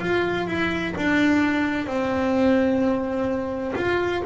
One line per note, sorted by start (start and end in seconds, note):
0.00 0.47 F4
0.47 0.94 E4
0.97 1.86 D4
1.86 3.74 C4
3.75 4.22 F4